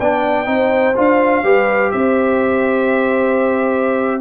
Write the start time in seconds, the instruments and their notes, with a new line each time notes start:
0.00 tuba B3, trombone D4, horn D5, trumpet G5
0.46 tuba C4, trombone D#4, horn C5
0.96 tuba D4, trombone F4, trumpet F5
1.44 tuba G3, trombone G4, horn B4
1.92 tuba C4, horn C5, trumpet E5